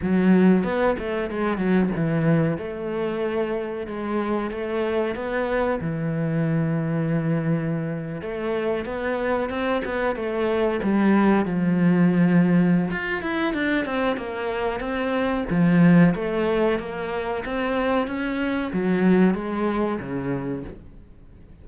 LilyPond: \new Staff \with { instrumentName = "cello" } { \time 4/4 \tempo 4 = 93 fis4 b8 a8 gis8 fis8 e4 | a2 gis4 a4 | b4 e2.~ | e8. a4 b4 c'8 b8 a16~ |
a8. g4 f2~ f16 | f'8 e'8 d'8 c'8 ais4 c'4 | f4 a4 ais4 c'4 | cis'4 fis4 gis4 cis4 | }